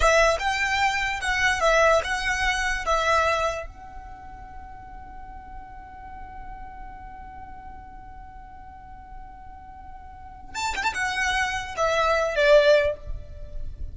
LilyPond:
\new Staff \with { instrumentName = "violin" } { \time 4/4 \tempo 4 = 148 e''4 g''2 fis''4 | e''4 fis''2 e''4~ | e''4 fis''2.~ | fis''1~ |
fis''1~ | fis''1~ | fis''2 a''8 g''16 a''16 fis''4~ | fis''4 e''4. d''4. | }